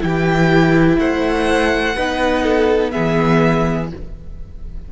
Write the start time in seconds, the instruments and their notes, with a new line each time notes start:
0.00 cello E3, viola E4, violin G4 G5
0.98 cello A3, violin C5 F#5
1.95 cello B3, viola D#4, violin B4
2.43 violin A4
2.91 cello E3, viola B3, violin G#4 E5